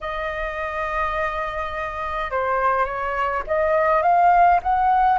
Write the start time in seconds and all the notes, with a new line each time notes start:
0.00 D#5
2.31 C5
2.85 C#5
3.46 D#5
4.02 F5
4.62 F#5